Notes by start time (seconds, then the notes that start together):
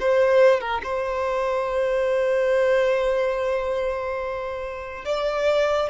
0.00 C5
0.60 A#4
0.83 C5
5.05 D5